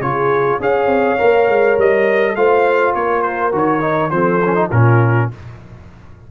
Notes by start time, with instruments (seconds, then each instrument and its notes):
0.00 tuba C#3, trombone F4, horn G#4, trumpet C#5
0.59 tuba C#4, trombone G#4, horn C#5, trumpet F5
0.86 tuba C4
1.18 tuba A#3, trombone A#4
1.48 tuba G#3
1.78 tuba G3, trumpet D#5
2.35 tuba A3, trombone F4, horn C5, trumpet F5
2.94 tuba A#3, horn A#4, trumpet C#5
3.22 trumpet C5
3.51 tuba D#3, trombone F#4, trumpet C#5
3.80 trombone D#4
4.10 tuba F3, trombone C4, horn A4, trumpet C5
4.44 trombone C#4
4.54 trombone D#4
4.68 tuba A#2, trombone C#4, horn F4, trumpet A#4